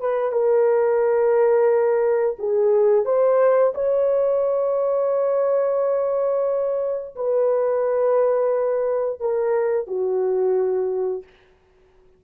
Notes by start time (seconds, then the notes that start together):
0.00 B4
0.32 A#4
2.39 G#4
3.05 C5
3.74 C#5
7.16 B4
9.20 A#4
9.87 F#4